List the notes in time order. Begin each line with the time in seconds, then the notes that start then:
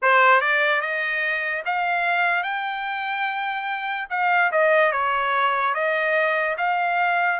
0.01 C5
0.40 D5
0.81 D#5
1.65 F5
2.43 G5
4.10 F5
4.51 D#5
4.92 C#5
5.74 D#5
6.58 F5